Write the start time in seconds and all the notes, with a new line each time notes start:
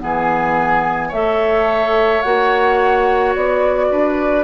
0.00 E3 B3 G#4 G#5
1.09 A3 A4 C#5 E5
2.22 A#3 F#4 F#5
3.35 B3 D5
3.91 D4 B4